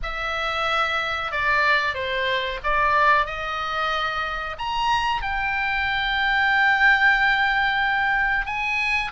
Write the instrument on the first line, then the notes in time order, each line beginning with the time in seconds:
oboe
0.02 E5
1.31 D5
1.94 C5
2.63 D5
3.25 D#5
4.58 A#5
5.22 G5
8.46 G#5